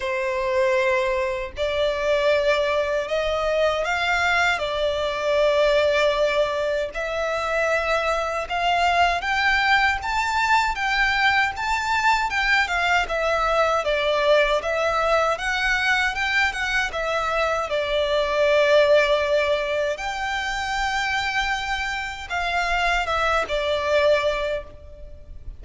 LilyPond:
\new Staff \with { instrumentName = "violin" } { \time 4/4 \tempo 4 = 78 c''2 d''2 | dis''4 f''4 d''2~ | d''4 e''2 f''4 | g''4 a''4 g''4 a''4 |
g''8 f''8 e''4 d''4 e''4 | fis''4 g''8 fis''8 e''4 d''4~ | d''2 g''2~ | g''4 f''4 e''8 d''4. | }